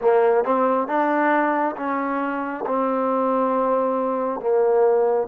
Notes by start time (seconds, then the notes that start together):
0.01 A#3
0.44 C4
0.87 D4
1.76 C#4
2.66 C4
4.40 A#3